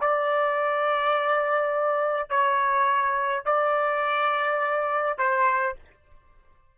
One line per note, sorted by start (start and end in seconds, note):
0.00 2.29 D5
2.29 3.45 C#5
3.45 5.18 D5
5.18 5.75 C5